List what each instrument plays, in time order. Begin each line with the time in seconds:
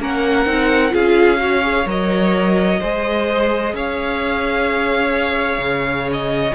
0.00 cello A#3, viola C#4, violin A#4 F#5
0.46 cello C4, viola D#4
0.90 cello C#4, viola F4, violin G#4 F5
1.38 viola F#4, violin C#5
1.63 viola G#4
1.86 cello F#3, viola A#4, violin D#5
2.80 cello G#3, viola G#4, violin C5
3.74 cello C#4, violin C#5 F5
5.59 cello C#3
6.12 violin D#5